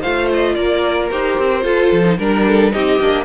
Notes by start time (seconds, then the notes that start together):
0.00 A3 F4 C5 F5
0.33 D#5
0.55 A#3 A#4 D5
1.11 D#4 G4 C5
1.38 C4
1.62 F4 A4
1.92 F3
2.04 D#4
2.18 G3 D4 A#4
2.47 A4
2.72 C4 D#4 G4 D#5
3.00 A#3 D4